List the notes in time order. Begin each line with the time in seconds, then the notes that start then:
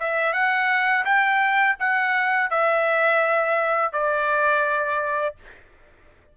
0.00 E5
0.33 F#5
1.05 G5
1.80 F#5
2.50 E5
3.93 D5